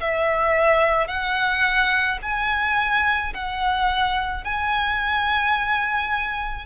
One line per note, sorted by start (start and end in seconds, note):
0.00 1.08 E5
1.08 2.19 F#5
2.22 3.33 G#5
3.34 4.44 F#5
4.44 6.66 G#5